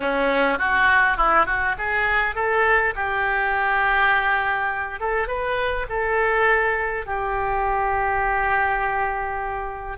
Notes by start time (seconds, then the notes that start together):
0.00 C#4
0.58 F#4
1.17 E4
1.46 F#4
1.78 G#4
2.35 A4
2.95 G4
5.00 A4
5.27 B4
5.89 A4
7.06 G4